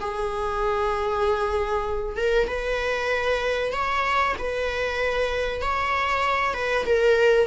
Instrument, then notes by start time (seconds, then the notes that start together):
viola
0.00 G#4
2.16 A#4
2.47 B4
3.72 C#5
4.38 B4
5.61 C#5
6.54 B4
6.85 A#4